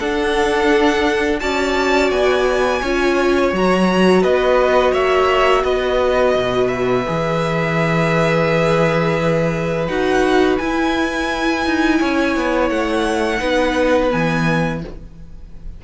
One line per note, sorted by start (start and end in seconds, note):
0.00 1.40 D4
0.00 1.42 D4
0.00 1.41 A4
0.00 1.40 F#5
1.40 2.11 C#4
1.40 2.82 F#4
1.40 2.82 D5
1.40 2.10 A5
2.11 2.82 B3
2.11 3.52 G#5
2.82 3.53 C#4
2.82 3.55 F4
2.82 4.22 C#5
3.53 4.24 F#3
3.53 7.07 F#4
3.53 4.23 A#5
4.22 4.94 B3
4.22 4.92 B4
4.22 4.94 D#5
4.92 5.64 A#3
4.92 5.62 C#5
4.92 5.64 E5
5.64 6.35 B3
5.64 12.00 B4
5.64 6.68 D#5
6.35 7.06 B2
6.68 9.86 E5
7.07 9.89 E3
7.07 9.89 G#4
9.88 10.59 D#4
9.88 10.60 F#4
9.88 10.58 F#5
10.58 11.66 E4
10.58 13.39 E4
10.58 12.70 G#5
11.66 12.01 D#4
12.00 12.37 C#4
12.00 13.41 C#5
12.37 12.71 B3
12.70 13.41 A3
12.70 14.11 F#5
13.39 14.12 B3
13.39 14.10 D#4
13.39 14.82 B4
14.11 14.84 E3
14.11 14.82 B3
14.11 14.83 G#5